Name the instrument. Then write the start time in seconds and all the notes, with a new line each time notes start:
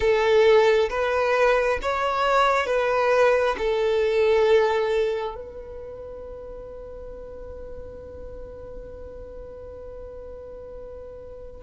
violin
0.00 A4
0.89 B4
1.82 C#5
2.66 B4
3.57 A4
5.35 B4